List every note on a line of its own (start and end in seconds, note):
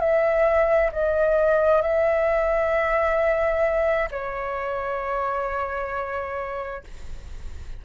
0.00 0.91 E5
0.92 1.82 D#5
1.82 4.09 E5
4.11 6.84 C#5